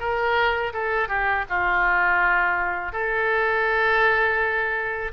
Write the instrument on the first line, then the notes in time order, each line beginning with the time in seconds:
oboe
0.00 A#4
0.74 A4
1.08 G4
1.49 F4
2.93 A4